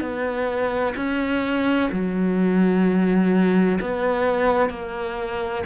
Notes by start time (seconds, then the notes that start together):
0.00 B3
0.95 C#4
1.91 F#3
3.81 B3
4.69 A#3